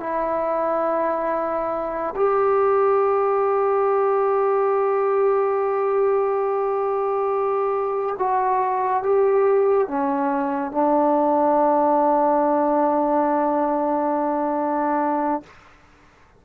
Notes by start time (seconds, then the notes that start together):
0.00 E4
2.16 G4
8.19 F#4
9.04 G4
9.88 C#4
10.72 D4